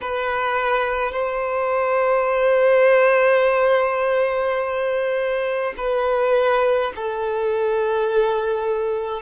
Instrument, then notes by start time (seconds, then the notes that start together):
violin
0.01 B4
1.12 C5
5.77 B4
6.95 A4